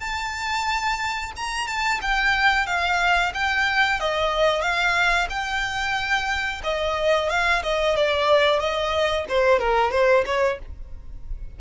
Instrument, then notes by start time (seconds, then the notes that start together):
violin
0.00 A5
1.36 A#5
1.67 A5
2.02 G5
2.66 F5
3.34 G5
4.00 D#5
4.62 F5
5.30 G5
6.64 D#5
7.29 F5
7.63 D#5
7.96 D5
8.60 D#5
9.28 C5
9.59 A#4
9.91 C5
10.26 C#5